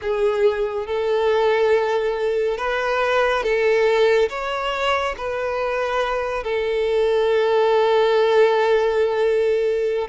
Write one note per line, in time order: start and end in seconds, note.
0.01 0.86 G#4
0.86 2.57 A4
2.57 3.43 B4
3.43 4.29 A4
4.29 5.15 C#5
5.17 6.43 B4
6.43 10.08 A4